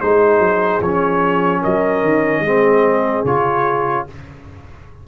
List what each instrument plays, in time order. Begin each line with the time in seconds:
0.00 tuba G#3, trombone D#4, horn G#4, trumpet C5
0.39 tuba F#3
0.80 tuba F3, trombone C#4, trumpet C#5
1.61 tuba F#3, horn A#4, trumpet D#5
2.03 tuba D#3
2.40 tuba G#3, trombone C4, horn G#4
3.24 tuba C#3, trombone F4, trumpet C#5